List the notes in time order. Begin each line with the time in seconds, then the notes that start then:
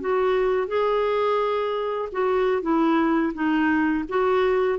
0.00 F#4
0.68 G#4
2.12 F#4
2.62 E4
3.34 D#4
4.08 F#4